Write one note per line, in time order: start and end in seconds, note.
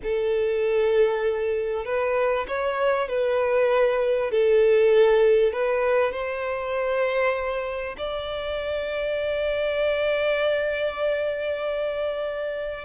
0.03 1.85 A4
1.85 2.46 B4
2.47 3.08 C#5
3.08 4.31 B4
4.31 5.52 A4
5.52 6.12 B4
6.12 7.95 C5
7.97 12.84 D5